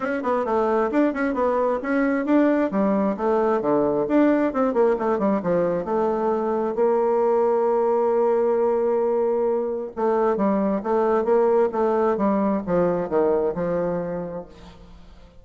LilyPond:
\new Staff \with { instrumentName = "bassoon" } { \time 4/4 \tempo 4 = 133 cis'8 b8 a4 d'8 cis'8 b4 | cis'4 d'4 g4 a4 | d4 d'4 c'8 ais8 a8 g8 | f4 a2 ais4~ |
ais1~ | ais2 a4 g4 | a4 ais4 a4 g4 | f4 dis4 f2 | }